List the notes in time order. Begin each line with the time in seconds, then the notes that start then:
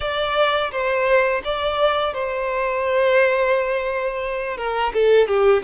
0.00 D5
0.71 C5
1.44 D5
2.13 C5
4.57 A#4
4.93 A4
5.27 G4